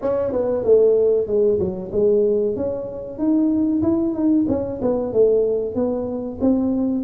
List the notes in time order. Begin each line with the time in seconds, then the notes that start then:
0.01 C#4
0.32 B3
0.64 A3
1.26 G#3
1.59 F#3
1.91 G#3
2.56 C#4
3.18 D#4
3.82 E4
4.14 D#4
4.48 C#4
4.81 B3
5.12 A3
5.74 B3
6.40 C4